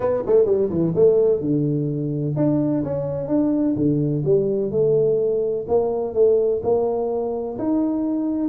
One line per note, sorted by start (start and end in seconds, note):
0.00 0.23 B3
0.26 0.45 A3
0.45 0.69 G3
0.69 0.93 E3
0.95 1.40 A3
1.40 2.35 D3
2.36 2.83 D4
2.83 3.27 C#4
3.27 3.75 D4
3.76 4.23 D3
4.24 4.71 G3
4.71 5.65 A3
5.67 6.14 A#3
6.14 6.61 A3
6.62 7.57 A#3
7.58 8.48 D#4